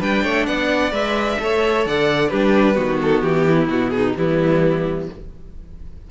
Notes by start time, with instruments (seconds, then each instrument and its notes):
0.00 cello G3, viola D4, violin B4 G5
0.23 cello A3, violin C#5
0.47 cello B3, violin D5 F#5
0.92 cello G#3, viola B4, violin E5
1.40 cello A3, viola A4, violin C#5
1.86 cello D3, violin D5 F#5
2.29 cello G3, viola D4, violin G4 B4
2.75 cello D#3, viola B3, violin F#4
3.02 violin A4
3.22 cello E3, violin G4
3.49 violin E4
3.68 cello B2, violin F#4
3.90 violin D#4 G#4
4.17 cello E3, viola G3, violin B3 E4